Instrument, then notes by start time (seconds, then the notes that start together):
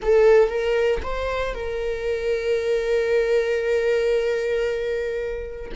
viola
0.01 A4
0.48 A#4
1.02 C5
1.54 A#4